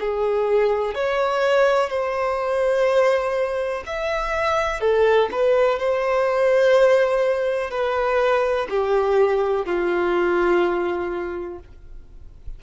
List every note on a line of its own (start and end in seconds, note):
0.00 0.95 G#4
0.95 1.90 C#5
1.90 3.84 C5
3.86 4.81 E5
4.81 5.29 A4
5.32 5.79 B4
5.79 7.71 C5
7.71 8.67 B4
8.70 9.66 G4
9.66 11.59 F4